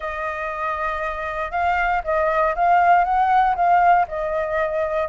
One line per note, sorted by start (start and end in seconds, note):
0.00 1.51 D#5
1.51 2.02 F5
2.04 2.54 D#5
2.55 3.04 F5
3.04 3.55 F#5
3.55 4.06 F5
4.08 5.08 D#5